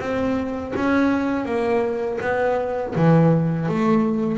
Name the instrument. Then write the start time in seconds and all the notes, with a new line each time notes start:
double bass
0.00 C4
0.76 C#4
1.45 A#3
2.21 B3
2.96 E3
3.69 A3